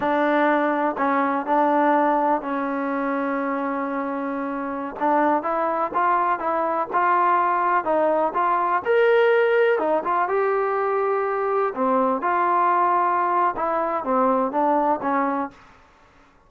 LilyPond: \new Staff \with { instrumentName = "trombone" } { \time 4/4 \tempo 4 = 124 d'2 cis'4 d'4~ | d'4 cis'2.~ | cis'2~ cis'16 d'4 e'8.~ | e'16 f'4 e'4 f'4.~ f'16~ |
f'16 dis'4 f'4 ais'4.~ ais'16~ | ais'16 dis'8 f'8 g'2~ g'8.~ | g'16 c'4 f'2~ f'8. | e'4 c'4 d'4 cis'4 | }